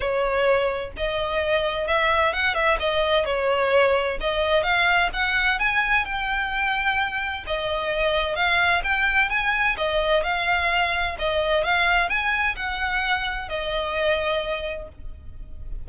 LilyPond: \new Staff \with { instrumentName = "violin" } { \time 4/4 \tempo 4 = 129 cis''2 dis''2 | e''4 fis''8 e''8 dis''4 cis''4~ | cis''4 dis''4 f''4 fis''4 | gis''4 g''2. |
dis''2 f''4 g''4 | gis''4 dis''4 f''2 | dis''4 f''4 gis''4 fis''4~ | fis''4 dis''2. | }